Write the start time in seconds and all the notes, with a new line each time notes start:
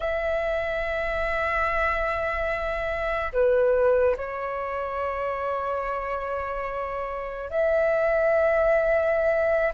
0.00 E5
3.32 B4
4.17 C#5
7.50 E5